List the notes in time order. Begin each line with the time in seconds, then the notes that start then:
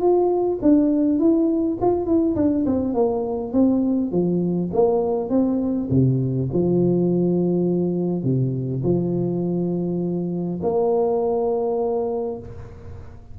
0.00 F4
0.61 D4
1.19 E4
1.81 F4
2.05 E4
2.35 D4
2.66 C4
2.94 A#3
3.52 C4
4.11 F3
4.73 A#3
5.29 C4
5.90 C3
6.52 F3
8.23 C3
8.83 F3
10.62 A#3